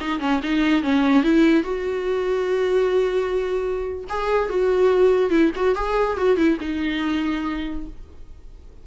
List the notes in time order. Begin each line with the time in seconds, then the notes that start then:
0.00 D#4
0.20 C#4
0.43 D#4
0.83 C#4
1.23 E4
1.63 F#4
4.09 G#4
4.49 F#4
5.30 E4
5.56 F#4
5.75 G#4
6.17 F#4
6.37 E4
6.60 D#4